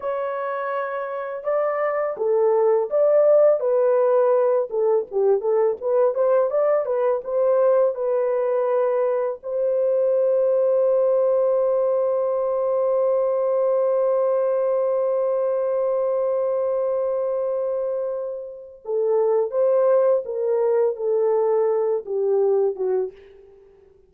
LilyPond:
\new Staff \with { instrumentName = "horn" } { \time 4/4 \tempo 4 = 83 cis''2 d''4 a'4 | d''4 b'4. a'8 g'8 a'8 | b'8 c''8 d''8 b'8 c''4 b'4~ | b'4 c''2.~ |
c''1~ | c''1~ | c''2 a'4 c''4 | ais'4 a'4. g'4 fis'8 | }